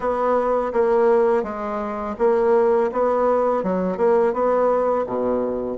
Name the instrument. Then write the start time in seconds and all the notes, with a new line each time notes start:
bassoon
0.00 B3
0.73 A#3
1.43 G#3
2.18 A#3
2.91 B3
3.63 F#3
3.97 A#3
4.33 B3
5.06 B2